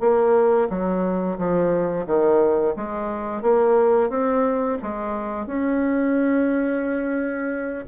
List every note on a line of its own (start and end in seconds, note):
0.00 0.68 A#3
0.69 1.38 F#3
1.38 2.06 F3
2.06 2.75 D#3
2.76 3.42 G#3
3.42 4.10 A#3
4.10 4.78 C4
4.82 5.46 G#3
5.46 7.85 C#4